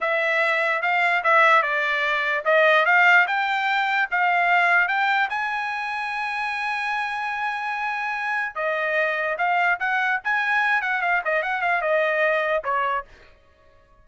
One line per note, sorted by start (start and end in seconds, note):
0.00 0.81 E5
0.81 1.22 F5
1.23 1.62 E5
1.62 2.44 D5
2.44 2.85 D#5
2.85 3.26 F5
3.27 4.09 G5
4.11 4.88 F5
4.88 5.28 G5
5.29 8.55 G#5
8.55 9.36 D#5
9.38 9.78 F5
9.79 10.20 F#5
10.24 10.81 G#5
10.81 11.01 F#5
11.01 11.22 F5
11.24 11.42 D#5
11.42 11.61 F#5
11.61 11.81 F5
11.81 12.63 D#5
12.64 13.04 C#5